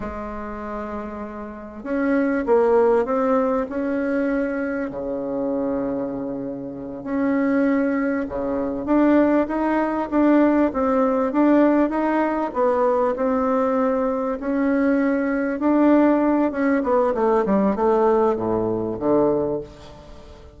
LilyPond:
\new Staff \with { instrumentName = "bassoon" } { \time 4/4 \tempo 4 = 98 gis2. cis'4 | ais4 c'4 cis'2 | cis2.~ cis8 cis'8~ | cis'4. cis4 d'4 dis'8~ |
dis'8 d'4 c'4 d'4 dis'8~ | dis'8 b4 c'2 cis'8~ | cis'4. d'4. cis'8 b8 | a8 g8 a4 a,4 d4 | }